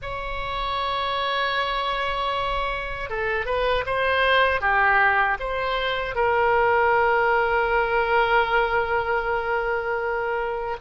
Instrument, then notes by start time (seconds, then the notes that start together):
oboe
0.01 C#5
3.09 A4
3.45 B4
3.86 C5
4.60 G4
5.39 C5
6.15 A#4